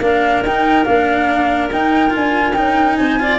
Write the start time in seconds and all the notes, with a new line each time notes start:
0.00 A#3 D4 A#4 F5
0.43 D#4 G5
0.84 A#3 D4 F5
1.73 D#4 G5
2.10 F4 G#5
2.17 D4
2.54 C#4 D#4 G5
2.96 C4 C5 G#5
3.20 F4 D5